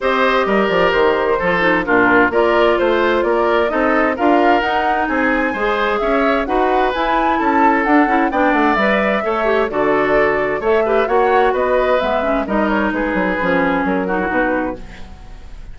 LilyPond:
<<
  \new Staff \with { instrumentName = "flute" } { \time 4/4 \tempo 4 = 130 dis''4. d''8 c''2 | ais'4 d''4 c''4 d''4 | dis''4 f''4 fis''4 gis''4~ | gis''4 e''4 fis''4 gis''4 |
a''4 fis''4 g''8 fis''8 e''4~ | e''4 d''2 e''4 | fis''4 dis''4 e''4 dis''8 cis''8 | b'2 ais'4 b'4 | }
  \new Staff \with { instrumentName = "oboe" } { \time 4/4 c''4 ais'2 a'4 | f'4 ais'4 c''4 ais'4 | a'4 ais'2 gis'4 | c''4 cis''4 b'2 |
a'2 d''2 | cis''4 a'2 cis''8 b'8 | cis''4 b'2 ais'4 | gis'2~ gis'8 fis'4. | }
  \new Staff \with { instrumentName = "clarinet" } { \time 4/4 g'2. f'8 dis'8 | d'4 f'2. | dis'4 f'4 dis'2 | gis'2 fis'4 e'4~ |
e'4 d'8 e'8 d'4 b'4 | a'8 g'8 fis'2 a'8 g'8 | fis'2 b8 cis'8 dis'4~ | dis'4 cis'4. dis'16 e'16 dis'4 | }
  \new Staff \with { instrumentName = "bassoon" } { \time 4/4 c'4 g8 f8 dis4 f4 | ais,4 ais4 a4 ais4 | c'4 d'4 dis'4 c'4 | gis4 cis'4 dis'4 e'4 |
cis'4 d'8 cis'8 b8 a8 g4 | a4 d2 a4 | ais4 b4 gis4 g4 | gis8 fis8 f4 fis4 b,4 | }
>>